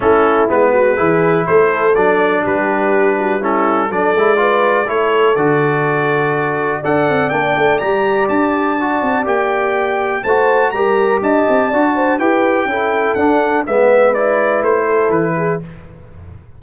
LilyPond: <<
  \new Staff \with { instrumentName = "trumpet" } { \time 4/4 \tempo 4 = 123 a'4 b'2 c''4 | d''4 b'2 a'4 | d''2 cis''4 d''4~ | d''2 fis''4 g''4 |
ais''4 a''2 g''4~ | g''4 a''4 ais''4 a''4~ | a''4 g''2 fis''4 | e''4 d''4 c''4 b'4 | }
  \new Staff \with { instrumentName = "horn" } { \time 4/4 e'4. fis'8 gis'4 a'4~ | a'4 g'4. fis'8 e'4 | a'4 b'4 a'2~ | a'2 d''2~ |
d''1~ | d''4 c''4 ais'4 dis''4 | d''8 c''8 b'4 a'2 | b'2~ b'8 a'4 gis'8 | }
  \new Staff \with { instrumentName = "trombone" } { \time 4/4 cis'4 b4 e'2 | d'2. cis'4 | d'8 e'8 f'4 e'4 fis'4~ | fis'2 a'4 d'4 |
g'2 fis'4 g'4~ | g'4 fis'4 g'2 | fis'4 g'4 e'4 d'4 | b4 e'2. | }
  \new Staff \with { instrumentName = "tuba" } { \time 4/4 a4 gis4 e4 a4 | fis4 g2. | fis8 gis4. a4 d4~ | d2 d'8 c'8 ais8 a8 |
g4 d'4. c'8 ais4~ | ais4 a4 g4 d'8 c'8 | d'4 e'4 cis'4 d'4 | gis2 a4 e4 | }
>>